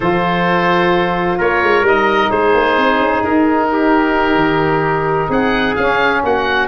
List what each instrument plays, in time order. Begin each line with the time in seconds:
0.00 tuba F3, saxophone F4, trumpet A4, oboe C5
1.38 tuba A#3, trumpet A#4, oboe C#5
1.62 tuba G#3
1.81 tuba G3, saxophone D#4, oboe D#5
2.30 tuba G#3, trumpet G#4, oboe C5
2.54 tuba A#3
2.77 tuba C4
2.99 tuba C#4
3.22 tuba D#4, oboe A#4
3.72 trumpet G4
4.35 tuba D#3
5.29 tuba C4, trumpet G#4, oboe F#5
5.75 tuba C#4, saxophone C#4, oboe F5
6.23 tuba A#3, trumpet F#4, oboe F#5